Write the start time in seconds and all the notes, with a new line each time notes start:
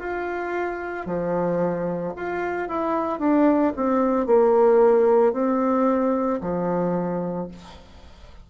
0.00 F4
1.07 F3
2.17 F4
2.69 E4
3.19 D4
3.76 C4
4.27 A#3
5.33 C4
6.41 F3